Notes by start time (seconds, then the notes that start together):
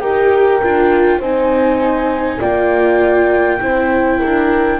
0.00 D#4 G4 A#4 G5
0.62 D4 F4
1.19 C4 D#4 C5 G#5
2.40 A#3 F4 D5 G5
3.60 C4 E4 C5
4.19 D4 A#4